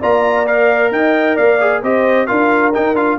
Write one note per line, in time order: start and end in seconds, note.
0.00 0.91 A#3
0.00 0.46 F4
0.00 0.91 D5
0.00 0.46 A#5
0.46 1.59 A#4
0.46 0.92 F5
0.91 1.37 D#4
0.91 1.36 D#5
0.91 1.36 G5
1.36 1.82 A#3
1.36 1.81 D5
1.36 1.82 F5
1.60 1.83 G#4
1.82 2.28 C4
1.82 2.27 G4
1.82 2.27 C5
1.82 2.26 D#5
2.26 2.76 D4
2.26 2.72 F4
2.26 3.18 A#4
2.26 2.72 F5
2.74 2.96 D#4
2.74 2.94 D#4
2.74 2.96 G5
2.94 3.17 D4
2.94 3.18 F4
2.94 3.19 F5